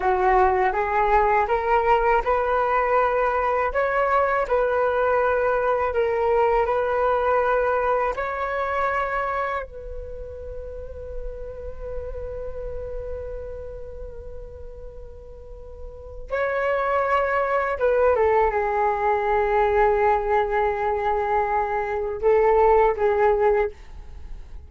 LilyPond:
\new Staff \with { instrumentName = "flute" } { \time 4/4 \tempo 4 = 81 fis'4 gis'4 ais'4 b'4~ | b'4 cis''4 b'2 | ais'4 b'2 cis''4~ | cis''4 b'2.~ |
b'1~ | b'2 cis''2 | b'8 a'8 gis'2.~ | gis'2 a'4 gis'4 | }